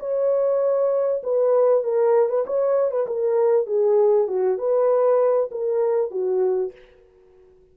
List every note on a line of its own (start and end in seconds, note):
0.00 1.22 C#5
1.23 1.84 B4
1.84 2.30 A#4
2.30 2.45 B4
2.47 2.91 C#5
2.91 3.06 B4
3.07 3.67 A#4
3.67 4.28 G#4
4.28 4.58 F#4
4.58 5.50 B4
5.52 6.11 A#4
6.11 6.72 F#4